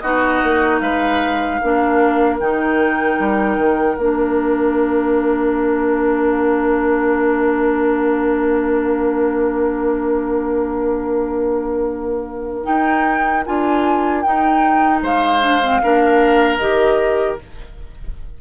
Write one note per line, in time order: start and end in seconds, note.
0.00 0.42 B3
0.00 1.62 D#4
0.00 0.82 F#4
0.00 0.79 D#5
0.44 0.81 A#3
0.80 1.60 G#3
0.80 1.61 B4
0.80 2.37 F5
1.61 2.40 A#3
1.61 2.41 D4
1.61 15.03 A#4
2.40 3.19 D#3
2.40 3.99 D#4
2.40 3.98 G5
3.19 3.58 G3
3.58 3.97 D#3
3.98 12.66 A#3
3.98 12.63 D4
3.98 12.65 F5
12.63 13.42 D#4
12.63 13.47 D#4
12.63 13.44 G5
13.46 14.26 D4
13.46 14.25 F4
13.46 14.22 G#5
14.22 15.41 D#4
14.22 15.03 D#4
14.22 15.01 G5
15.03 15.82 G#3
15.03 15.82 C5
15.03 16.58 F5
15.41 15.61 D4
15.62 15.82 C4
15.83 16.60 A#3
15.83 16.60 D4
15.83 17.41 A#4
16.58 17.39 D#3
16.58 17.39 G4
16.58 17.37 D#5